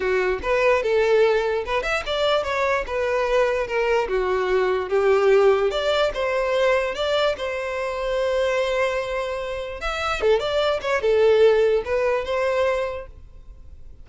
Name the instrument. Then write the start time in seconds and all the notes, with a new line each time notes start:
violin
0.00 F#4
0.42 B4
0.82 A4
1.65 B4
1.82 E5
2.06 D5
2.43 C#5
2.87 B4
3.67 A#4
4.08 F#4
4.89 G4
5.71 D5
6.13 C5
6.94 D5
7.37 C5
9.81 E5
10.21 A4
10.39 D5
10.81 C#5
11.01 A4
11.85 B4
12.24 C5